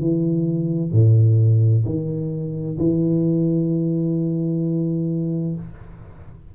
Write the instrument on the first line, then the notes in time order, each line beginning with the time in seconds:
tuba
0.00 E3
0.92 A2
1.85 D#3
2.79 E3